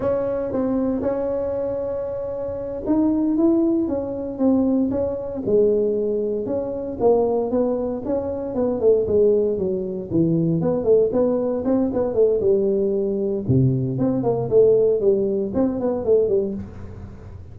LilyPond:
\new Staff \with { instrumentName = "tuba" } { \time 4/4 \tempo 4 = 116 cis'4 c'4 cis'2~ | cis'4. dis'4 e'4 cis'8~ | cis'8 c'4 cis'4 gis4.~ | gis8 cis'4 ais4 b4 cis'8~ |
cis'8 b8 a8 gis4 fis4 e8~ | e8 b8 a8 b4 c'8 b8 a8 | g2 c4 c'8 ais8 | a4 g4 c'8 b8 a8 g8 | }